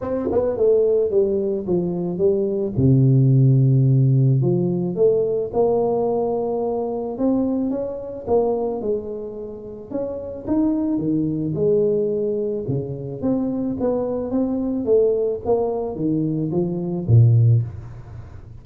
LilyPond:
\new Staff \with { instrumentName = "tuba" } { \time 4/4 \tempo 4 = 109 c'8 b8 a4 g4 f4 | g4 c2. | f4 a4 ais2~ | ais4 c'4 cis'4 ais4 |
gis2 cis'4 dis'4 | dis4 gis2 cis4 | c'4 b4 c'4 a4 | ais4 dis4 f4 ais,4 | }